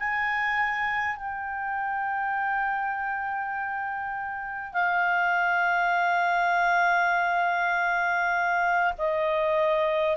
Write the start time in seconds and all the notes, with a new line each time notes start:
0.00 G#5
1.17 G5
4.73 F5
8.98 D#5